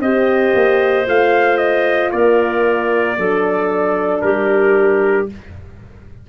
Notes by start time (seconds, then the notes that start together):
0.00 C4 G4 C5 D#5
0.54 A#3
1.07 A3 F4 F5
1.58 D#5
2.12 A#3 A#4 D5
3.18 F#3 D4 A4
4.21 G3 G4 A#4